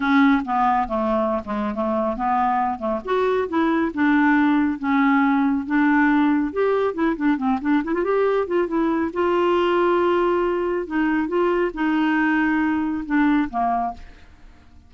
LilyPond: \new Staff \with { instrumentName = "clarinet" } { \time 4/4 \tempo 4 = 138 cis'4 b4 a4~ a16 gis8. | a4 b4. a8 fis'4 | e'4 d'2 cis'4~ | cis'4 d'2 g'4 |
e'8 d'8 c'8 d'8 e'16 f'16 g'4 f'8 | e'4 f'2.~ | f'4 dis'4 f'4 dis'4~ | dis'2 d'4 ais4 | }